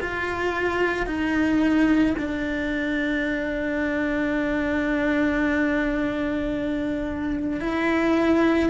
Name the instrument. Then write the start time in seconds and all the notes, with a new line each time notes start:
cello
0.00 F4
1.06 D#4
2.18 D4
7.61 E4